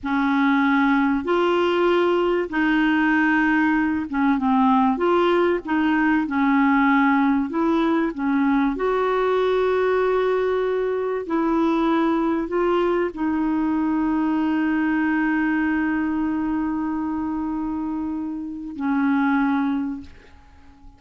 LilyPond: \new Staff \with { instrumentName = "clarinet" } { \time 4/4 \tempo 4 = 96 cis'2 f'2 | dis'2~ dis'8 cis'8 c'4 | f'4 dis'4 cis'2 | e'4 cis'4 fis'2~ |
fis'2 e'2 | f'4 dis'2.~ | dis'1~ | dis'2 cis'2 | }